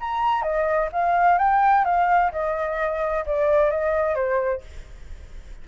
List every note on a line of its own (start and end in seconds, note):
0.00 0.42 A#5
0.42 0.89 D#5
0.92 1.38 F5
1.38 1.84 G5
1.84 2.31 F5
2.32 3.25 D#5
3.26 3.70 D5
3.70 4.15 D#5
4.15 4.61 C5